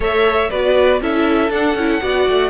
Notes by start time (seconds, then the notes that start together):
0.00 A3 A4 C#5 E5
0.50 B3 F#4 B4 D5
1.01 C#4 E4 A4 E5
1.49 D4 F#5
1.74 C#4 E4
2.01 B3 F#4 D5
2.28 A3